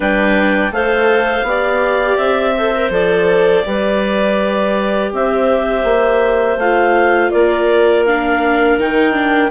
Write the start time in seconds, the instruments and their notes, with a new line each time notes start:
0.00 bassoon G3, viola D4, clarinet B4 G5
0.71 bassoon A3, viola A4, clarinet C5 F5
1.43 bassoon B3, viola G4, clarinet D5
2.17 bassoon C4, clarinet E5
2.55 viola A4, clarinet C5
2.75 viola A#4
2.90 bassoon F3, viola A4, clarinet D5
3.64 bassoon G3, viola G4, clarinet B4
5.12 bassoon C4, clarinet C5 E5
5.84 bassoon A#3
6.57 bassoon A3, viola F4, clarinet F5
7.30 bassoon A#3, clarinet A#4 D5
8.05 viola D4, clarinet F5
8.77 bassoon D#3, viola D#4, clarinet G5
9.13 viola D4